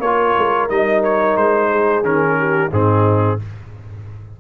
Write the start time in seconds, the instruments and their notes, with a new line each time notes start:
0.00 tuba A#3, trombone F4, horn A#4, trumpet C#5
0.38 tuba G#3
0.70 tuba G3, trombone D#4, trumpet D#5
1.04 trumpet C#5
1.37 tuba G#3, trumpet C5
1.70 horn G#4
2.03 tuba D#3, trombone C#4, trumpet A#4
2.38 horn G4
2.70 tuba G#2, trombone C4, horn D#4, trumpet G#4